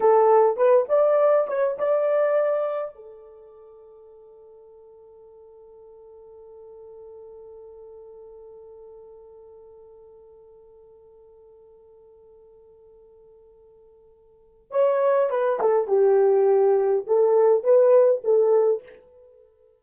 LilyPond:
\new Staff \with { instrumentName = "horn" } { \time 4/4 \tempo 4 = 102 a'4 b'8 d''4 cis''8 d''4~ | d''4 a'2.~ | a'1~ | a'1~ |
a'1~ | a'1~ | a'4 cis''4 b'8 a'8 g'4~ | g'4 a'4 b'4 a'4 | }